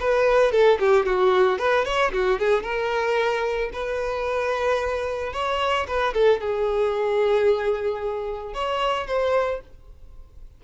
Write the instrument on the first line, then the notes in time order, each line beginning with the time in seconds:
violin
0.00 B4
0.52 A4
0.80 G4
1.06 F#4
1.59 B4
1.85 C#5
2.12 F#4
2.39 G#4
2.63 A#4
3.73 B4
5.33 C#5
5.87 B4
6.14 A4
6.41 G#4
8.54 C#5
9.07 C5